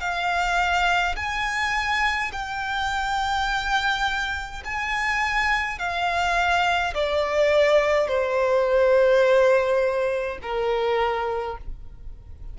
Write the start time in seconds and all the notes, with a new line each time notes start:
0.00 F5
1.16 G#5
2.32 G5
4.64 G#5
5.78 F5
6.94 D5
8.07 C5
10.42 A#4